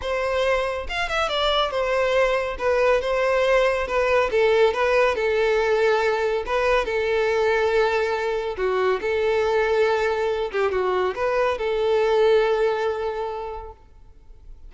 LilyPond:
\new Staff \with { instrumentName = "violin" } { \time 4/4 \tempo 4 = 140 c''2 f''8 e''8 d''4 | c''2 b'4 c''4~ | c''4 b'4 a'4 b'4 | a'2. b'4 |
a'1 | fis'4 a'2.~ | a'8 g'8 fis'4 b'4 a'4~ | a'1 | }